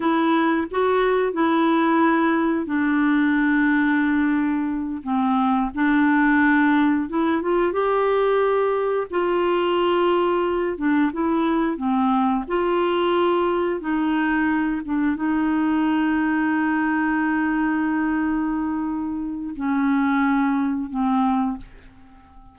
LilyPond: \new Staff \with { instrumentName = "clarinet" } { \time 4/4 \tempo 4 = 89 e'4 fis'4 e'2 | d'2.~ d'8 c'8~ | c'8 d'2 e'8 f'8 g'8~ | g'4. f'2~ f'8 |
d'8 e'4 c'4 f'4.~ | f'8 dis'4. d'8 dis'4.~ | dis'1~ | dis'4 cis'2 c'4 | }